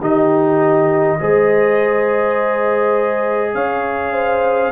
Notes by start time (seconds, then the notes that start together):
0.00 D#3 D#4 G4 D#5
1.20 G#3 G#4 C5
3.55 C#4 C#5 F5
4.13 C5